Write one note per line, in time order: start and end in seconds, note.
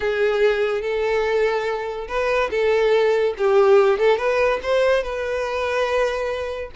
0.00 0.81 G#4
0.81 2.07 A4
2.08 2.50 B4
2.50 3.34 A4
3.37 3.98 G4
3.98 4.17 A4
4.17 4.59 B4
4.62 5.03 C5
5.03 6.71 B4